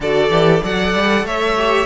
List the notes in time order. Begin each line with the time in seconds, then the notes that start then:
0.00 D3 F#4 A4 D5
0.29 E3 G4
0.62 F#3 A4 D5 F#5
0.94 G3
1.23 A3 C#5 E5
1.56 G4